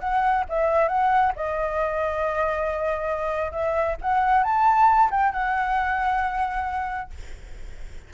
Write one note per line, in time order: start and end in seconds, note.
0.00 0.44 F#5
0.49 0.88 E5
0.88 1.33 F#5
1.36 3.52 D#5
3.52 3.96 E5
4.02 4.44 F#5
4.44 5.10 A5
5.11 5.33 G5
5.33 7.11 F#5